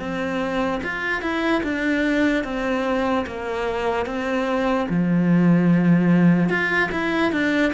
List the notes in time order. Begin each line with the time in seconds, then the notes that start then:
0.00 C4
0.84 F4
1.22 E4
1.64 D4
2.44 C4
3.27 A#3
4.07 C4
4.89 F3
6.50 F4
6.92 E4
7.32 D4